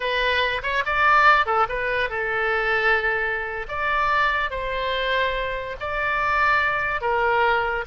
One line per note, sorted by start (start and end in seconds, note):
0.00 0.61 B4
0.62 0.83 C#5
0.85 1.46 D5
1.46 1.66 A4
1.69 2.09 B4
2.09 3.66 A4
3.68 4.50 D5
4.50 5.76 C5
5.80 7.01 D5
7.01 7.85 A#4